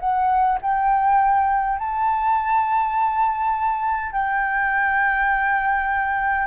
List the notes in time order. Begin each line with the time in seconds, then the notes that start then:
0.00 F#5
0.63 G5
1.79 A5
4.13 G5